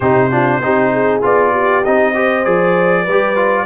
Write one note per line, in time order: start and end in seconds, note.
0.00 0.59 C3
0.00 0.31 D#4
0.00 0.31 G4
0.00 1.21 C5
0.31 0.61 D4
0.31 0.62 F4
0.59 1.20 C4
0.59 1.22 D#4
0.59 0.92 G4
0.92 1.52 G#4
1.22 1.85 B3
1.22 1.83 F4
1.22 1.84 D5
1.52 2.13 G4
1.84 2.46 C4
1.84 2.14 D#4
1.84 2.45 D#5
2.14 2.44 G4
2.14 3.02 C5
2.44 3.07 F3
2.44 3.06 G#4
2.44 3.65 D5
3.02 3.65 G3
3.02 3.63 B4
3.10 3.35 G4
3.35 3.65 F4